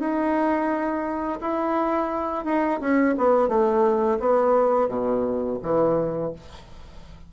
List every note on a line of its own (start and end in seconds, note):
0.00 1.40 D#4
1.41 2.45 E4
2.45 2.80 D#4
2.80 3.15 C#4
3.18 3.49 B3
3.49 4.19 A3
4.20 4.88 B3
4.88 5.58 B2
5.63 6.33 E3